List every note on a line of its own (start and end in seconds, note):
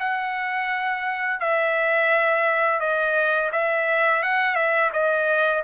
0.00 1.40 F#5
1.40 2.80 E5
2.80 3.51 D#5
3.52 4.23 E5
4.23 4.56 F#5
4.56 4.91 E5
4.93 5.64 D#5